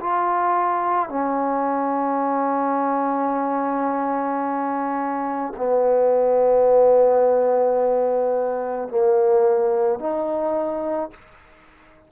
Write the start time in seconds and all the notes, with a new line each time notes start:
0.00 F4
1.09 C#4
5.57 B3
8.89 A#3
9.99 D#4